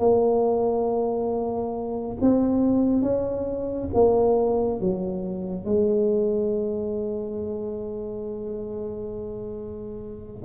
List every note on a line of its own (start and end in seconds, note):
0.00 2.17 A#3
2.21 3.03 C4
3.03 3.90 C#4
3.94 4.81 A#3
4.81 5.65 F#3
5.65 10.43 G#3